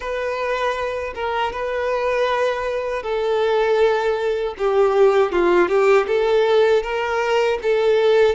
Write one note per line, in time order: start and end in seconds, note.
0.00 1.13 B4
1.14 1.52 A#4
1.52 3.02 B4
3.02 4.54 A4
4.57 5.32 G4
5.32 5.68 F4
5.68 6.06 G4
6.07 6.83 A4
6.83 7.58 A#4
7.62 8.35 A4